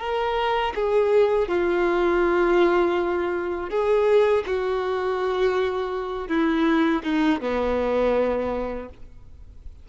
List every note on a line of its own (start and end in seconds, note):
0.00 0.74 A#4
0.75 1.49 G#4
1.49 3.70 F4
3.70 4.44 G#4
4.47 6.29 F#4
6.29 7.03 E4
7.04 7.41 D#4
7.41 8.89 B3